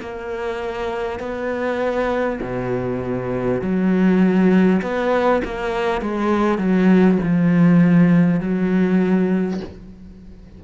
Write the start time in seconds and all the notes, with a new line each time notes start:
0.00 A#3
1.19 B3
2.42 B2
3.61 F#3
4.81 B3
5.44 A#3
6.01 G#3
6.58 F#3
7.23 F3
8.40 F#3